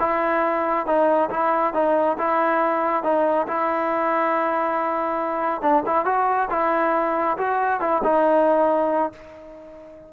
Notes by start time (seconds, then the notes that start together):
0.00 E4
0.87 D#4
1.31 E4
1.74 D#4
2.18 E4
3.04 D#4
3.47 E4
5.62 D4
5.87 E4
6.06 F#4
6.51 E4
7.38 F#4
7.81 E4
8.04 D#4